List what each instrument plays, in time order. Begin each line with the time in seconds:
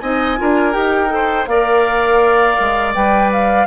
0.00 bassoon C4, clarinet D#4, oboe D#5, flute G#5
0.37 bassoon D4, clarinet F4, oboe A#4
0.72 bassoon D#4, clarinet G4, flute G5
1.09 clarinet A4, oboe C5
1.46 bassoon A#3, clarinet A#4, oboe D5, flute F5
2.59 bassoon G#3
2.94 bassoon G3, clarinet B4, flute G5
3.32 flute F5